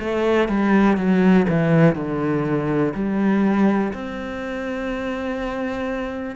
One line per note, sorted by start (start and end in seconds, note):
0.00 0.49 A3
0.49 0.97 G3
0.97 1.47 F#3
1.49 1.95 E3
1.95 2.94 D3
2.95 3.93 G3
3.94 6.37 C4